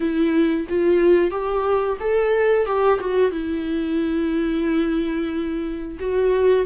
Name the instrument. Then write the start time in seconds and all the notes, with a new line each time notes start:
viola
0.00 E4
0.69 F4
1.30 G4
2.00 A4
2.65 G4
3.00 F#4
3.31 E4
5.99 F#4